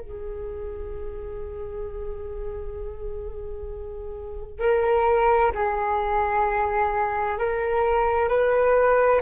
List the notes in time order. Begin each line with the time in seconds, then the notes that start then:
0.00 G#4
4.60 A#4
5.55 G#4
7.38 A#4
8.29 B4